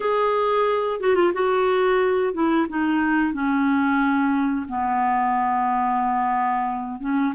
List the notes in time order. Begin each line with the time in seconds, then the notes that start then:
0.00 G#4
1.00 F#4
1.15 F4
1.33 F#4
2.33 E4
2.69 D#4
3.33 C#4
4.68 B3
7.00 C#4